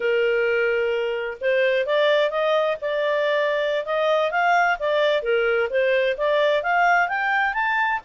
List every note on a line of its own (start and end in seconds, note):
0.00 1.37 A#4
1.41 1.86 C5
1.86 2.30 D5
2.30 2.77 D#5
2.81 3.85 D5
3.85 4.31 D#5
4.31 4.77 F5
4.79 5.22 D5
5.22 5.68 A#4
5.70 6.16 C5
6.17 6.62 D5
6.62 7.08 F5
7.08 7.53 G5
7.53 8.00 A5